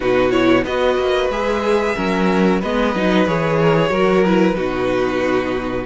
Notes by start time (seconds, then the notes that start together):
0.00 B2 D#4 F#4 B4
0.31 E4 C#5
0.64 B3 F#4 B4 D#5
0.97 A#3
1.29 G#3 G#4 E5
1.95 F#3 C#4 A#4
2.60 G#3 B3 B4 D#5
2.94 F#3 D#4
3.26 E3 G#4 C#5
3.61 A#4
3.76 G#4
3.89 F#3 F#4 A#4
4.24 E4 B4
4.54 B2 D#4 F#4